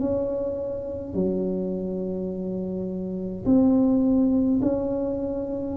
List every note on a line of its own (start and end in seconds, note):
0.00 1.15 C#4
1.15 3.46 F#3
3.46 4.61 C4
4.62 5.77 C#4